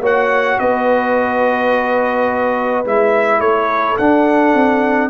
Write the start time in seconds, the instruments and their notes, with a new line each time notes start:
0.00 tuba A#3, trombone F#4, horn C#5, trumpet F#5
0.59 tuba B3, horn B4, trumpet D#5
2.85 tuba G#3, trombone E4, trumpet E5
3.40 tuba A3, horn A4, trumpet C#5
3.98 tuba D4, trombone D4, trumpet F#5
4.54 tuba C4